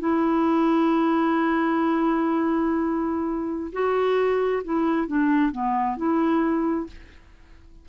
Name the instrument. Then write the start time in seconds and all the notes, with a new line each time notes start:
clarinet
0.00 E4
3.73 F#4
4.64 E4
5.08 D4
5.52 B3
5.97 E4